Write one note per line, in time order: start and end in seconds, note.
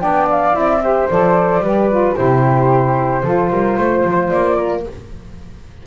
0.00 0.54 B3
0.00 0.52 D4
0.00 0.82 D5
0.00 0.27 G5
0.30 0.55 F5
0.52 1.08 C4
0.52 0.79 E4
0.52 1.08 E5
0.82 1.09 G4
0.82 1.63 C5
1.09 1.59 F3
1.09 1.62 A4
1.09 2.15 D5
1.59 2.12 G3
1.59 1.90 G4
1.59 2.16 B4
1.90 2.15 F4
2.15 3.23 C3
2.15 3.22 E4
2.15 3.23 G4
2.15 4.28 C5
3.23 3.50 F3
3.23 4.83 F4
3.23 3.50 A4
3.50 3.77 G3
3.50 3.77 A#4
3.77 4.04 A3
3.77 4.56 C5
4.04 4.31 F3
4.28 4.86 A#3
4.28 4.82 D5
4.56 4.83 A#4